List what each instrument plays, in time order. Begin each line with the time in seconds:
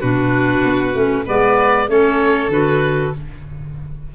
0.00 tuba B2, clarinet D4, violin F#4, oboe B4
0.64 tuba B3
0.93 tuba A3, clarinet C#4
1.25 tuba G#3, clarinet B3, violin B4, oboe D5
1.87 tuba A3, clarinet C#4, violin A4, oboe C#5
2.48 tuba D3, clarinet F#4, oboe B4